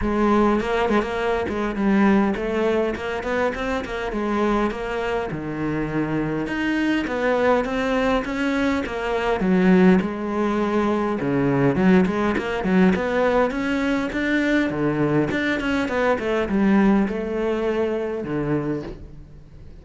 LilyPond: \new Staff \with { instrumentName = "cello" } { \time 4/4 \tempo 4 = 102 gis4 ais8 gis16 ais8. gis8 g4 | a4 ais8 b8 c'8 ais8 gis4 | ais4 dis2 dis'4 | b4 c'4 cis'4 ais4 |
fis4 gis2 cis4 | fis8 gis8 ais8 fis8 b4 cis'4 | d'4 d4 d'8 cis'8 b8 a8 | g4 a2 d4 | }